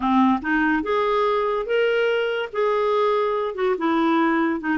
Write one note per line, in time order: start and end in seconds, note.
0.00 0.40 C4
0.41 0.83 D#4
0.83 1.66 G#4
1.66 2.49 A#4
2.52 3.54 G#4
3.54 3.75 F#4
3.78 4.60 E4
4.60 4.77 D#4